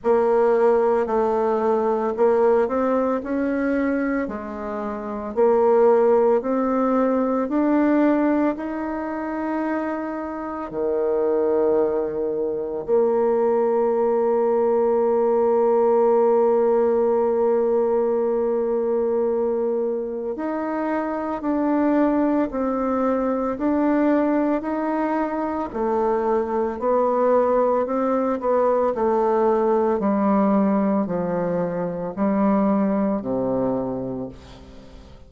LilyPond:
\new Staff \with { instrumentName = "bassoon" } { \time 4/4 \tempo 4 = 56 ais4 a4 ais8 c'8 cis'4 | gis4 ais4 c'4 d'4 | dis'2 dis2 | ais1~ |
ais2. dis'4 | d'4 c'4 d'4 dis'4 | a4 b4 c'8 b8 a4 | g4 f4 g4 c4 | }